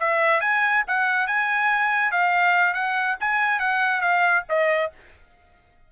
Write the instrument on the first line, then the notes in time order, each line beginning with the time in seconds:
trumpet
0.00 E5
0.41 G#5
0.87 F#5
1.27 G#5
2.12 F5
2.74 F#5
3.20 G#5
3.60 F#5
4.01 F5
4.49 D#5